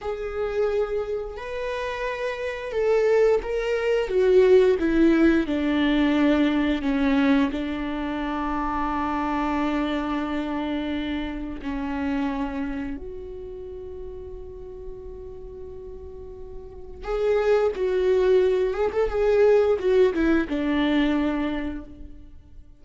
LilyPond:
\new Staff \with { instrumentName = "viola" } { \time 4/4 \tempo 4 = 88 gis'2 b'2 | a'4 ais'4 fis'4 e'4 | d'2 cis'4 d'4~ | d'1~ |
d'4 cis'2 fis'4~ | fis'1~ | fis'4 gis'4 fis'4. gis'16 a'16 | gis'4 fis'8 e'8 d'2 | }